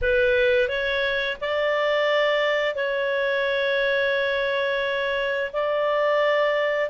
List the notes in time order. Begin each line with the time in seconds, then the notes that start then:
0.01 B4
0.68 C#5
1.40 D5
2.75 C#5
5.52 D5